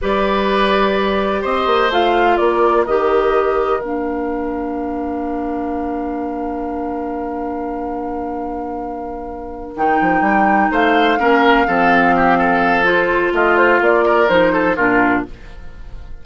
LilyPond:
<<
  \new Staff \with { instrumentName = "flute" } { \time 4/4 \tempo 4 = 126 d''2. dis''4 | f''4 d''4 dis''2 | f''1~ | f''1~ |
f''1~ | f''8 g''2 f''4.~ | f''2. c''4 | dis''8 c''8 d''4 c''4 ais'4 | }
  \new Staff \with { instrumentName = "oboe" } { \time 4/4 b'2. c''4~ | c''4 ais'2.~ | ais'1~ | ais'1~ |
ais'1~ | ais'2~ ais'8 c''4 ais'8~ | ais'8 a'4 g'8 a'2 | f'4. ais'4 a'8 f'4 | }
  \new Staff \with { instrumentName = "clarinet" } { \time 4/4 g'1 | f'2 g'2 | d'1~ | d'1~ |
d'1~ | d'8 dis'2. cis'8~ | cis'8 c'2~ c'8 f'4~ | f'2 dis'4 d'4 | }
  \new Staff \with { instrumentName = "bassoon" } { \time 4/4 g2. c'8 ais8 | a4 ais4 dis2 | ais1~ | ais1~ |
ais1~ | ais8 dis8 f8 g4 a4 ais8~ | ais8 f2.~ f8 | a4 ais4 f4 ais,4 | }
>>